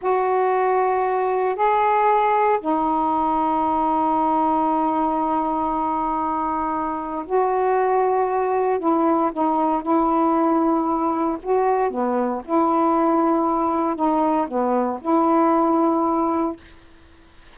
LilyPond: \new Staff \with { instrumentName = "saxophone" } { \time 4/4 \tempo 4 = 116 fis'2. gis'4~ | gis'4 dis'2.~ | dis'1~ | dis'2 fis'2~ |
fis'4 e'4 dis'4 e'4~ | e'2 fis'4 b4 | e'2. dis'4 | b4 e'2. | }